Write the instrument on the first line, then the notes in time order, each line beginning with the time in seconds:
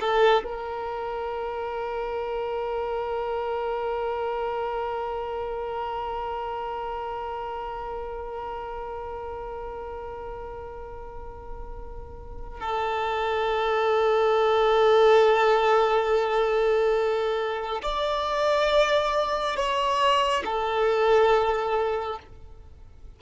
violin
0.00 A4
0.44 A#4
12.60 A4
17.82 D5
19.56 C#5
20.45 A4